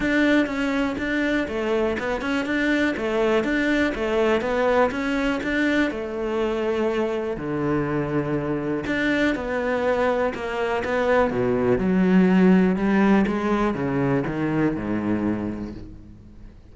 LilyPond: \new Staff \with { instrumentName = "cello" } { \time 4/4 \tempo 4 = 122 d'4 cis'4 d'4 a4 | b8 cis'8 d'4 a4 d'4 | a4 b4 cis'4 d'4 | a2. d4~ |
d2 d'4 b4~ | b4 ais4 b4 b,4 | fis2 g4 gis4 | cis4 dis4 gis,2 | }